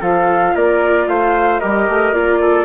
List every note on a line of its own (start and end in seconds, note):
0.00 0.54 F3
0.00 1.61 F4
0.00 0.53 A4
0.00 0.55 F5
0.55 1.07 A#3
0.55 1.08 A#4
0.55 1.08 D5
1.07 1.60 A3
1.07 1.60 C5
1.07 1.59 F5
1.59 1.88 G3
1.59 2.13 G4
1.59 2.40 A#4
1.59 2.12 D#5
1.88 2.12 A3
2.12 2.65 A#3
2.12 2.65 F4
2.12 2.65 D5
2.41 2.65 A4